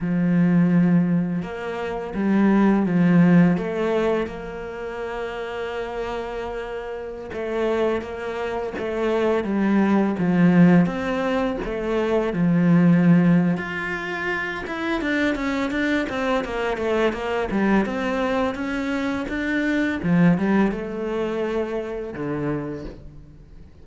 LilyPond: \new Staff \with { instrumentName = "cello" } { \time 4/4 \tempo 4 = 84 f2 ais4 g4 | f4 a4 ais2~ | ais2~ ais16 a4 ais8.~ | ais16 a4 g4 f4 c'8.~ |
c'16 a4 f4.~ f16 f'4~ | f'8 e'8 d'8 cis'8 d'8 c'8 ais8 a8 | ais8 g8 c'4 cis'4 d'4 | f8 g8 a2 d4 | }